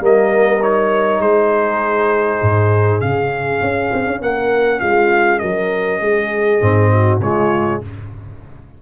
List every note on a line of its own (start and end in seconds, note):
0.00 1.20 G3
0.00 0.60 A#3
0.00 1.20 A#4
0.00 0.63 D#5
0.62 3.01 D#4
0.62 1.21 C#5
1.20 2.40 G#3
1.20 4.20 G#4
1.20 3.01 C5
2.42 3.02 G#2
3.01 3.62 C#3
3.01 6.61 C#4
3.01 4.21 F5
3.62 3.92 C#4
3.93 4.07 C4
4.07 4.22 C#4
4.22 4.82 A#3
4.22 4.80 A#4
4.22 4.80 F#5
4.80 5.42 G#3
4.80 5.40 F4
4.80 5.39 F5
5.39 6.01 F#3
5.39 6.01 A#4
5.39 7.19 D#5
6.01 6.61 G#3
6.01 6.91 G#4
6.61 7.20 G#2
6.61 7.21 C4
6.92 7.23 F#4
7.20 7.80 C#3
7.20 7.83 G#3
7.20 7.83 F4
7.20 7.82 C#5